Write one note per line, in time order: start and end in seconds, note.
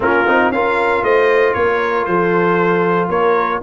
0.00 0.24 A#3
0.00 0.26 C#4
0.00 0.52 F4
0.00 0.52 A#4
0.27 0.50 C4
0.27 0.53 D#4
0.50 1.02 C#4
0.50 3.62 F4
0.50 1.03 A#4
0.50 1.03 F5
1.03 1.54 A3
1.03 1.55 C5
1.03 1.53 D#5
1.53 2.07 A#3
1.53 2.08 A#4
1.53 2.05 C#5
2.05 3.09 F3
2.05 3.09 A4
2.05 3.09 C5
3.09 3.60 A#3
3.09 3.61 A#4
3.09 3.61 C#5